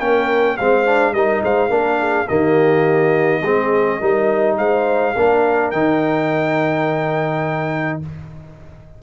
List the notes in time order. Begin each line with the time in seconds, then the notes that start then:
0.00 A#3 C#4 A#4 G5
0.57 G#3 C4 C5 F5
0.86 D4
1.13 G3 D#4 A#4 D#5
1.43 G#3 C5 F5
1.70 A#3 D4 A#4
1.99 G#4
2.28 D#3 A#3 G4 D#5
3.42 G#3 C4 G#4
4.00 G3 D#4 A#4
4.58 G#3 C5 F5
5.15 A#3 D4 A#4
5.71 D#3 D#4 G5